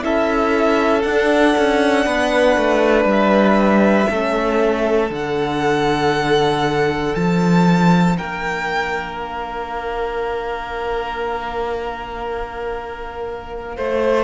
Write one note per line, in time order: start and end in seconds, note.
0.00 1.04 C#4
0.00 1.02 E4
0.00 2.06 A4
0.00 1.02 E5
1.02 1.55 D4
1.02 4.10 D4
1.02 3.05 F#5
1.58 2.06 C#4
2.06 2.56 B3
2.06 4.09 B4
2.56 3.05 A3
3.05 4.06 G3
3.05 5.13 E5
4.10 5.10 A3
4.10 5.11 C#4
4.10 8.16 A4
5.10 7.14 D3
5.10 14.24 D4
5.10 7.15 F#5
7.15 8.17 F3
7.15 8.17 A5
8.17 13.77 A#3
8.17 13.76 A#4
8.17 9.19 G5
9.19 14.24 F5
13.76 14.24 A3
13.76 14.24 C5